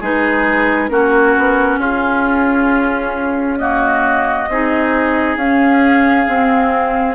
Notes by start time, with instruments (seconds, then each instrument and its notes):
0.00 bassoon G#3, clarinet D#4, oboe G#4, flute B4
0.88 bassoon A#3, clarinet C#4, oboe F#4, flute A#4
1.37 bassoon B3
1.77 bassoon C#4, oboe F4, flute G#4
3.57 clarinet A#3, oboe F#4, flute D#5
4.48 bassoon C4, clarinet D#4, oboe G#4
5.36 bassoon C#4, clarinet C#4, flute F5
6.26 clarinet C4, bassoon C4